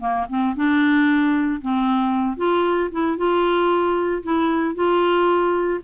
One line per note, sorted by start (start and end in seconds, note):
0.00 0.26 A#3
0.29 0.56 C4
0.56 1.61 D4
1.61 2.37 C4
2.37 2.90 F4
2.92 3.18 E4
3.18 4.23 F4
4.23 4.75 E4
4.75 5.81 F4